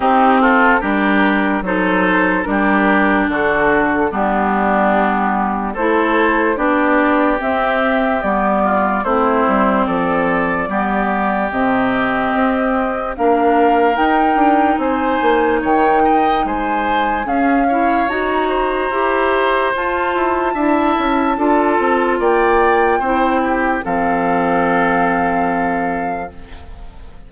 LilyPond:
<<
  \new Staff \with { instrumentName = "flute" } { \time 4/4 \tempo 4 = 73 g'8 a'8 ais'4 c''4 ais'4 | a'4 g'2 c''4 | d''4 e''4 d''4 c''4 | d''2 dis''2 |
f''4 g''4 gis''4 g''4 | gis''4 f''4 ais''2 | a''2. g''4~ | g''4 f''2. | }
  \new Staff \with { instrumentName = "oboe" } { \time 4/4 dis'8 f'8 g'4 a'4 g'4 | fis'4 d'2 a'4 | g'2~ g'8 f'8 e'4 | a'4 g'2. |
ais'2 c''4 cis''8 dis''8 | c''4 gis'8 cis''4 c''4.~ | c''4 e''4 a'4 d''4 | c''8 g'8 a'2. | }
  \new Staff \with { instrumentName = "clarinet" } { \time 4/4 c'4 d'4 dis'4 d'4~ | d'4 b2 e'4 | d'4 c'4 b4 c'4~ | c'4 b4 c'2 |
d'4 dis'2.~ | dis'4 cis'8 e'8 fis'4 g'4 | f'4 e'4 f'2 | e'4 c'2. | }
  \new Staff \with { instrumentName = "bassoon" } { \time 4/4 c'4 g4 fis4 g4 | d4 g2 a4 | b4 c'4 g4 a8 g8 | f4 g4 c4 c'4 |
ais4 dis'8 d'8 c'8 ais8 dis4 | gis4 cis'4 dis'4 e'4 | f'8 e'8 d'8 cis'8 d'8 c'8 ais4 | c'4 f2. | }
>>